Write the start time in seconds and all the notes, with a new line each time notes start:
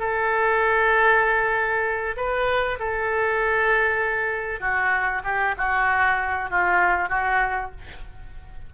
0.00 A4
2.17 B4
2.80 A4
4.61 F#4
5.24 G4
5.58 F#4
6.51 F4
7.10 F#4